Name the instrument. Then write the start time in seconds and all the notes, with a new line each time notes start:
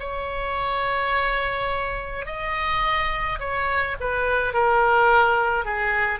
oboe
0.00 C#5
2.26 D#5
3.40 C#5
4.01 B4
4.54 A#4
5.66 G#4